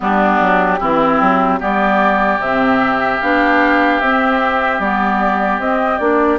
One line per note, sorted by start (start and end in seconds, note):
0.00 0.40 G3
0.00 0.78 B3
0.00 0.79 D4
0.00 1.61 G4
0.40 0.80 F#3
0.79 1.20 E3
0.79 1.60 C4
0.79 1.59 E4
1.20 1.60 F#3
1.59 2.38 G3
1.59 2.40 B3
1.59 6.38 G4
1.59 2.41 D5
2.38 3.18 C3
2.38 3.21 C4
2.38 3.21 E5
3.21 4.00 B3
3.21 4.02 D4
3.21 4.00 F5
4.00 4.79 C4
4.00 4.81 C4
4.00 4.79 E5
4.79 5.58 G3
4.79 5.60 B3
4.79 5.60 D5
5.58 5.98 C4
5.58 6.00 C4
5.58 5.97 D#5
5.97 6.38 A#3
5.97 6.38 D4
5.97 6.37 D5